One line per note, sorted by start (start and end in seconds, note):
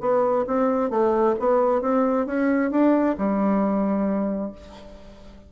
0.00 0.45 B3
0.47 0.90 C4
0.90 1.35 A3
1.39 1.81 B3
1.81 2.26 C4
2.26 2.71 C#4
2.71 3.15 D4
3.18 4.52 G3